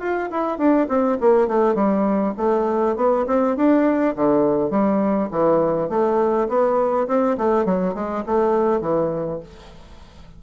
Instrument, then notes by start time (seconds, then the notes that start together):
bassoon
0.00 F4
0.31 E4
0.58 D4
0.89 C4
1.21 A#3
1.48 A3
1.75 G3
2.38 A3
2.96 B3
3.27 C4
3.57 D4
4.16 D3
4.71 G3
5.31 E3
5.90 A3
6.49 B3
7.08 C4
7.38 A3
7.66 F#3
7.95 G#3
8.26 A3
8.81 E3